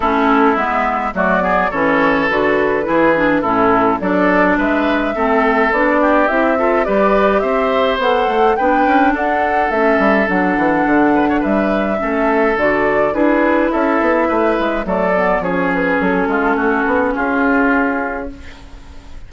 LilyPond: <<
  \new Staff \with { instrumentName = "flute" } { \time 4/4 \tempo 4 = 105 a'4 e''4 d''4 cis''4 | b'2 a'4 d''4 | e''2 d''4 e''4 | d''4 e''4 fis''4 g''4 |
fis''4 e''4 fis''2 | e''2 d''4 b'4 | e''2 d''4 cis''8 b'8 | a'2 gis'2 | }
  \new Staff \with { instrumentName = "oboe" } { \time 4/4 e'2 fis'8 gis'8 a'4~ | a'4 gis'4 e'4 a'4 | b'4 a'4. g'4 a'8 | b'4 c''2 b'4 |
a'2.~ a'8 b'16 cis''16 | b'4 a'2 gis'4 | a'4 b'4 a'4 gis'4~ | gis'8 f'8 fis'4 f'2 | }
  \new Staff \with { instrumentName = "clarinet" } { \time 4/4 cis'4 b4 a8 b8 cis'4 | fis'4 e'8 d'8 cis'4 d'4~ | d'4 c'4 d'4 e'8 f'8 | g'2 a'4 d'4~ |
d'4 cis'4 d'2~ | d'4 cis'4 fis'4 e'4~ | e'2 a8 b8 cis'4~ | cis'1 | }
  \new Staff \with { instrumentName = "bassoon" } { \time 4/4 a4 gis4 fis4 e4 | d4 e4 a,4 fis4 | gis4 a4 b4 c'4 | g4 c'4 b8 a8 b8 cis'8 |
d'4 a8 g8 fis8 e8 d4 | g4 a4 d4 d'4 | cis'8 b8 a8 gis8 fis4 f4 | fis8 gis8 a8 b8 cis'2 | }
>>